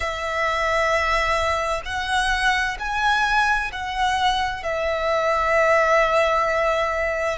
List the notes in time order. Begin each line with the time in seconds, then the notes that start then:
0.00 E5
1.85 F#5
2.79 G#5
3.72 F#5
4.63 E5